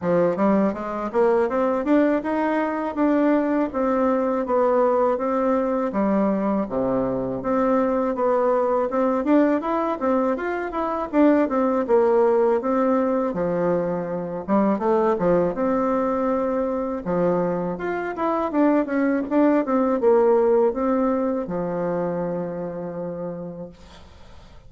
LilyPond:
\new Staff \with { instrumentName = "bassoon" } { \time 4/4 \tempo 4 = 81 f8 g8 gis8 ais8 c'8 d'8 dis'4 | d'4 c'4 b4 c'4 | g4 c4 c'4 b4 | c'8 d'8 e'8 c'8 f'8 e'8 d'8 c'8 |
ais4 c'4 f4. g8 | a8 f8 c'2 f4 | f'8 e'8 d'8 cis'8 d'8 c'8 ais4 | c'4 f2. | }